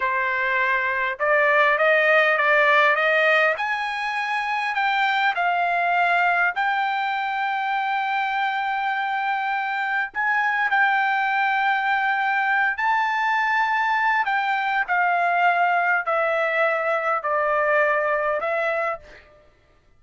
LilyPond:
\new Staff \with { instrumentName = "trumpet" } { \time 4/4 \tempo 4 = 101 c''2 d''4 dis''4 | d''4 dis''4 gis''2 | g''4 f''2 g''4~ | g''1~ |
g''4 gis''4 g''2~ | g''4. a''2~ a''8 | g''4 f''2 e''4~ | e''4 d''2 e''4 | }